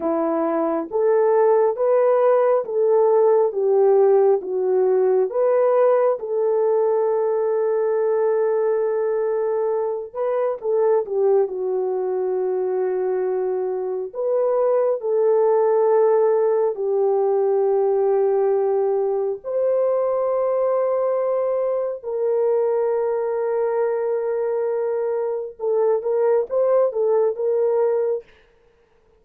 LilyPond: \new Staff \with { instrumentName = "horn" } { \time 4/4 \tempo 4 = 68 e'4 a'4 b'4 a'4 | g'4 fis'4 b'4 a'4~ | a'2.~ a'8 b'8 | a'8 g'8 fis'2. |
b'4 a'2 g'4~ | g'2 c''2~ | c''4 ais'2.~ | ais'4 a'8 ais'8 c''8 a'8 ais'4 | }